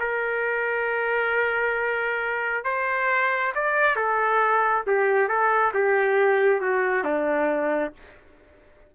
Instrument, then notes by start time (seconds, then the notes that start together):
trumpet
0.00 A#4
2.65 C5
3.55 D5
3.96 A4
4.87 G4
5.29 A4
5.74 G4
6.61 F#4
7.04 D4